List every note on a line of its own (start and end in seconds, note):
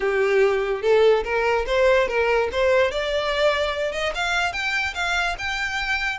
0.00 0.82 G4
0.82 1.23 A4
1.24 1.65 A#4
1.66 2.07 C5
2.08 2.49 A#4
2.52 2.91 C5
2.91 3.92 D5
3.92 4.12 D#5
4.15 4.52 F5
4.52 4.94 G5
4.94 5.35 F5
5.38 6.18 G5